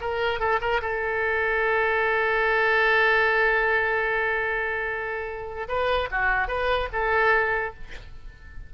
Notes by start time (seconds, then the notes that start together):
0.00 A#4
0.39 A4
0.60 A#4
0.81 A4
5.68 B4
6.11 F#4
6.48 B4
6.92 A4